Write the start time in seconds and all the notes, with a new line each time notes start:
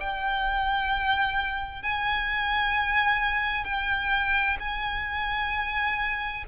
0.00 G5
1.82 G#5
3.65 G5
4.59 G#5